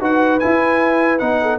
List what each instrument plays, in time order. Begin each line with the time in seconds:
0.00 tuba D#4, trombone F#4, horn B4, trumpet F#5
0.40 trombone E4, tuba E4, trumpet G#5
1.19 tuba B3, trombone D#4, trumpet F#5
1.42 horn A4